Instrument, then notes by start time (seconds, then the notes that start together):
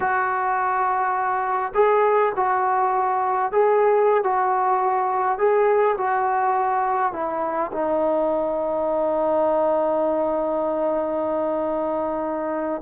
trombone
0.00 F#4
1.74 G#4
2.35 F#4
3.51 G#4
4.23 F#4
5.38 G#4
5.97 F#4
7.13 E4
7.72 D#4